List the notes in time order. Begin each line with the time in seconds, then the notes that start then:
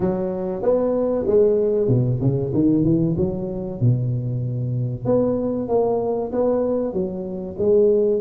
0.00 F#3
0.62 B3
1.26 G#3
1.87 B2
2.20 C#3
2.53 D#3
2.84 E3
3.17 F#3
3.80 B2
5.05 B3
5.68 A#3
6.32 B3
6.93 F#3
7.58 G#3